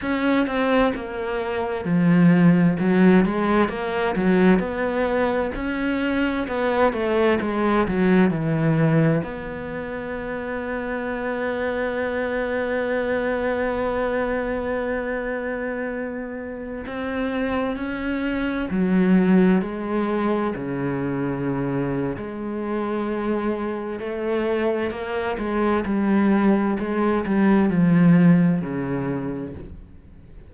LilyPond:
\new Staff \with { instrumentName = "cello" } { \time 4/4 \tempo 4 = 65 cis'8 c'8 ais4 f4 fis8 gis8 | ais8 fis8 b4 cis'4 b8 a8 | gis8 fis8 e4 b2~ | b1~ |
b2~ b16 c'4 cis'8.~ | cis'16 fis4 gis4 cis4.~ cis16 | gis2 a4 ais8 gis8 | g4 gis8 g8 f4 cis4 | }